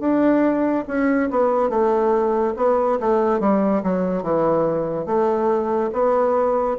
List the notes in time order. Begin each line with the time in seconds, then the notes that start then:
0.00 D4
0.88 C#4
1.31 B3
1.69 A3
2.57 B3
3.00 A3
3.40 G3
3.83 F#3
4.23 E3
5.06 A3
5.93 B3